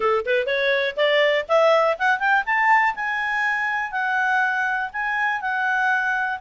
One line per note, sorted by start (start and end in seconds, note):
0.00 0.25 A4
0.25 0.46 B4
0.46 0.95 C#5
0.96 1.45 D5
1.48 1.97 E5
1.98 2.19 F#5
2.19 2.43 G5
2.45 2.94 A5
2.95 3.91 G#5
3.91 4.90 F#5
4.92 5.41 G#5
5.41 6.39 F#5